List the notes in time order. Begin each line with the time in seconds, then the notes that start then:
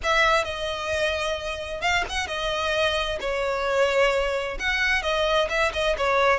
0.03 E5
0.44 D#5
1.81 F5
2.09 F#5
2.27 D#5
3.20 C#5
4.59 F#5
5.02 D#5
5.49 E5
5.73 D#5
5.97 C#5